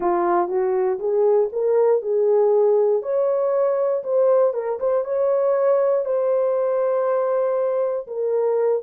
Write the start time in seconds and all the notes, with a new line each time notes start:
0.00 F4
0.48 F#4
0.99 G#4
1.52 A#4
2.02 G#4
3.02 C#5
4.03 C5
4.53 A#4
4.79 C5
5.04 C#5
6.05 C5
8.07 A#4